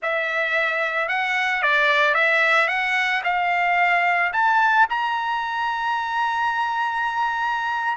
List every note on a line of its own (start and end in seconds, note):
0.02 1.08 E5
1.08 1.62 F#5
1.62 2.14 D5
2.14 2.68 E5
2.68 3.22 F#5
3.24 4.32 F5
4.32 4.86 A5
4.89 7.97 A#5